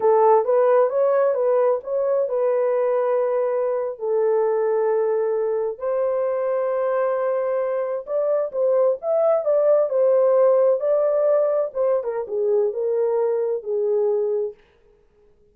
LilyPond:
\new Staff \with { instrumentName = "horn" } { \time 4/4 \tempo 4 = 132 a'4 b'4 cis''4 b'4 | cis''4 b'2.~ | b'8. a'2.~ a'16~ | a'8. c''2.~ c''16~ |
c''4.~ c''16 d''4 c''4 e''16~ | e''8. d''4 c''2 d''16~ | d''4.~ d''16 c''8. ais'8 gis'4 | ais'2 gis'2 | }